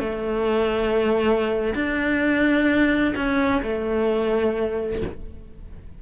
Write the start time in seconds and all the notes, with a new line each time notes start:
0.00 A3
1.75 D4
3.16 C#4
3.63 A3